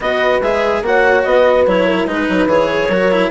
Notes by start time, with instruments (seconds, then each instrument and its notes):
0.00 bassoon B3, cello F#4, horn B4, clarinet D#5
0.42 bassoon G#3, cello G#4, clarinet E5
0.81 bassoon A#3, cello F#4, horn C#5, clarinet F#5
1.23 bassoon B3, horn B4, clarinet D#5
1.66 bassoon F#3, cello E4, clarinet C#5
1.86 horn A#4
2.06 bassoon G#3, cello D#4, horn B4, clarinet B4
2.28 bassoon F#3
2.46 bassoon E3, cello G#4, clarinet C#5
2.88 bassoon F#3, cello F#4, horn A#4
3.11 cello E4